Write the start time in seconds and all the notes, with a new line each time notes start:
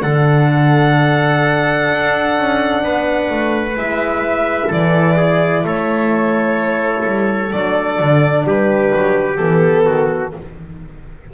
0.00 D3 D4 A4 F#5
1.91 D4
2.37 C#4
2.82 B3 B4
3.29 A3
3.77 G#3 E4 E5
4.68 E3 A4 D5
5.17 G#4
5.63 A3 A4 C#5
7.05 G3
7.52 F#3 D4 D5
7.99 D3
8.44 G3 G4 B4
8.95 F#3
9.36 E3 B3 A4
9.85 D#3 F#4